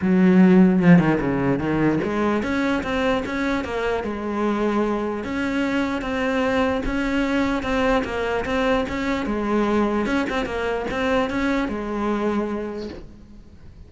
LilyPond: \new Staff \with { instrumentName = "cello" } { \time 4/4 \tempo 4 = 149 fis2 f8 dis8 cis4 | dis4 gis4 cis'4 c'4 | cis'4 ais4 gis2~ | gis4 cis'2 c'4~ |
c'4 cis'2 c'4 | ais4 c'4 cis'4 gis4~ | gis4 cis'8 c'8 ais4 c'4 | cis'4 gis2. | }